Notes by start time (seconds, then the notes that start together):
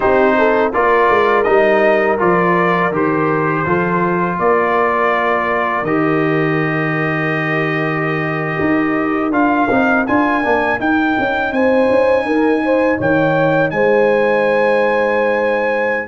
0.00 C4 D#4 G4 C5
0.37 A4
0.72 A#3 F4 A#4 D5
1.09 G#3
1.43 G3 D#4 D#5
2.18 F3 F4 D5
2.91 D#3 G4 C5
3.65 F3 F4 A4
4.38 A#3 A#4 D5
5.82 D#3 G4 D#5
8.60 D#4
9.30 D4 F4 F5
9.70 C4 D#4
10.07 D4 F4 G#5
10.43 A#3 D4
10.79 D#4 G5
11.18 C#4
11.51 C4 C5 G#5
11.90 C#4
12.24 D#4 A#4
12.65 C5
12.98 D#3 C#5 G5
13.70 G#3 C5 G#5